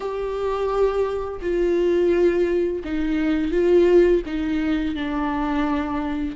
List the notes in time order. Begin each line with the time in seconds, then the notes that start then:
0.00 G4
1.41 F4
2.84 D#4
3.51 F4
4.25 D#4
4.95 D4